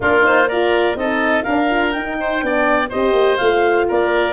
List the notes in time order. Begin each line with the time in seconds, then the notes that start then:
0.00 A#3 D4 F4 A#4
0.22 D#4 C5
0.48 F4 A#4 D5
0.95 C4 D#4 A4 D#5
1.43 D4 A#4 F5
1.70 F4
1.91 D#4 G5
2.20 C5
2.41 B3 D4 D5
2.89 C4 G4 C5 D#5
3.12 A#3
3.37 A3 F4 F5
3.87 A#3 A#4 D5